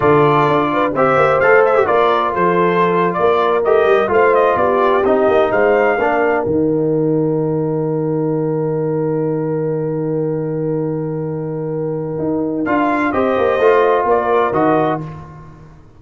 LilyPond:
<<
  \new Staff \with { instrumentName = "trumpet" } { \time 4/4 \tempo 4 = 128 d''2 e''4 f''8 e''8 | d''4 c''4.~ c''16 d''4 dis''16~ | dis''8. f''8 dis''8 d''4 dis''4 f''16~ | f''4.~ f''16 g''2~ g''16~ |
g''1~ | g''1~ | g''2. f''4 | dis''2 d''4 dis''4 | }
  \new Staff \with { instrumentName = "horn" } { \time 4/4 a'4. b'8 c''2 | ais'4 a'4.~ a'16 ais'4~ ais'16~ | ais'8. c''4 g'2 c''16~ | c''8. ais'2.~ ais'16~ |
ais'1~ | ais'1~ | ais'1 | c''2 ais'2 | }
  \new Staff \with { instrumentName = "trombone" } { \time 4/4 f'2 g'4 a'8. g'16 | f'2.~ f'8. g'16~ | g'8. f'2 dis'4~ dis'16~ | dis'8. d'4 dis'2~ dis'16~ |
dis'1~ | dis'1~ | dis'2. f'4 | g'4 f'2 fis'4 | }
  \new Staff \with { instrumentName = "tuba" } { \time 4/4 d4 d'4 c'8 ais8 a4 | ais4 f4.~ f16 ais4 a16~ | a16 g8 a4 b4 c'8 ais8 gis16~ | gis8. ais4 dis2~ dis16~ |
dis1~ | dis1~ | dis2 dis'4 d'4 | c'8 ais8 a4 ais4 dis4 | }
>>